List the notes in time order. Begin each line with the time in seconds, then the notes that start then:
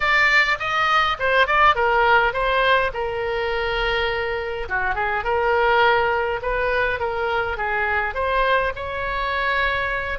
0.00 D5
0.59 D#5
1.19 C5
1.46 D5
1.75 A#4
2.33 C5
2.93 A#4
4.68 F#4
4.94 G#4
5.24 A#4
6.42 B4
6.99 A#4
7.57 G#4
8.14 C5
8.75 C#5